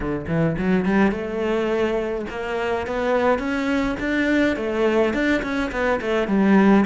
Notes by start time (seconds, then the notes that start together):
0.00 D3
0.27 E3
0.58 F#3
0.85 G3
1.11 A3
2.30 A#3
2.86 B3
3.38 C#4
3.99 D4
4.56 A3
5.13 D4
5.42 C#4
5.71 B3
6.01 A3
6.27 G3